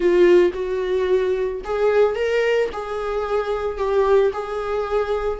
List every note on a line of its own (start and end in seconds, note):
0.00 0.51 F4
0.53 1.61 F#4
1.64 2.15 G#4
2.15 2.69 A#4
2.72 3.77 G#4
3.77 4.31 G4
4.32 5.39 G#4